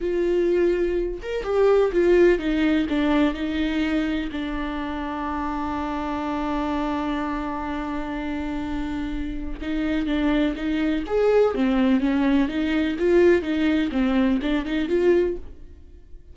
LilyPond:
\new Staff \with { instrumentName = "viola" } { \time 4/4 \tempo 4 = 125 f'2~ f'8 ais'8 g'4 | f'4 dis'4 d'4 dis'4~ | dis'4 d'2.~ | d'1~ |
d'1 | dis'4 d'4 dis'4 gis'4 | c'4 cis'4 dis'4 f'4 | dis'4 c'4 d'8 dis'8 f'4 | }